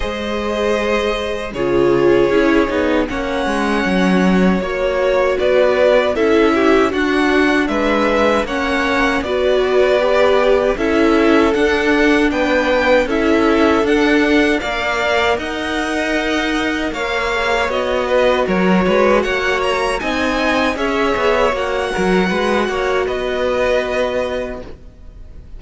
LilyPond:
<<
  \new Staff \with { instrumentName = "violin" } { \time 4/4 \tempo 4 = 78 dis''2 cis''2 | fis''2 cis''4 d''4 | e''4 fis''4 e''4 fis''4 | d''2 e''4 fis''4 |
g''4 e''4 fis''4 f''4 | fis''2 f''4 dis''4 | cis''4 fis''8 ais''8 gis''4 e''4 | fis''2 dis''2 | }
  \new Staff \with { instrumentName = "violin" } { \time 4/4 c''2 gis'2 | cis''2. b'4 | a'8 g'8 fis'4 b'4 cis''4 | b'2 a'2 |
b'4 a'2 d''4 | dis''2 cis''4. b'8 | ais'8 b'8 cis''4 dis''4 cis''4~ | cis''8 ais'8 b'8 cis''8 b'2 | }
  \new Staff \with { instrumentName = "viola" } { \time 4/4 gis'2 f'4 e'8 dis'8 | cis'2 fis'2 | e'4 d'2 cis'4 | fis'4 g'4 e'4 d'4~ |
d'4 e'4 d'4 ais'4~ | ais'2~ ais'8 gis'8 fis'4~ | fis'2 dis'4 gis'4 | fis'1 | }
  \new Staff \with { instrumentName = "cello" } { \time 4/4 gis2 cis4 cis'8 b8 | ais8 gis8 fis4 ais4 b4 | cis'4 d'4 gis4 ais4 | b2 cis'4 d'4 |
b4 cis'4 d'4 ais4 | dis'2 ais4 b4 | fis8 gis8 ais4 c'4 cis'8 b8 | ais8 fis8 gis8 ais8 b2 | }
>>